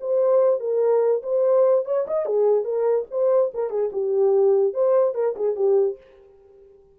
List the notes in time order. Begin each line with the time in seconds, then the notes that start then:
0.00 C5
0.60 A#4
1.23 C5
1.85 C#5
2.07 D#5
2.26 G#4
2.64 A#4
3.10 C5
3.54 A#4
3.70 G#4
3.92 G4
4.73 C5
5.14 A#4
5.36 G#4
5.55 G4